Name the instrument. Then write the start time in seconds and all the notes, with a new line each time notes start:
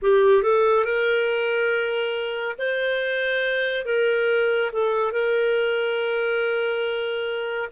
clarinet
0.02 G4
0.42 A4
0.84 A#4
2.58 C5
3.85 A#4
4.72 A4
5.12 A#4